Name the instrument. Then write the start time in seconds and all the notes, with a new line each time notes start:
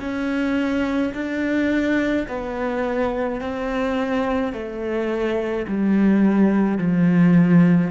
cello
0.00 C#4
1.14 D4
2.27 B3
3.40 C4
4.52 A3
5.67 G3
6.78 F3